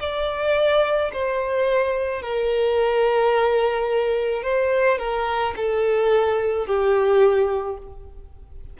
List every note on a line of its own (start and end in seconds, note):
0.00 1.11 D5
1.13 2.22 C5
2.22 4.42 A#4
4.42 4.98 C5
4.98 5.54 A#4
5.56 6.66 A4
6.66 7.77 G4